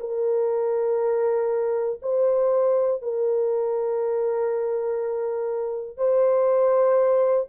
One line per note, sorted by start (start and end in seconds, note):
0.00 2.00 A#4
2.02 3.02 C5
3.02 5.97 A#4
5.97 7.47 C5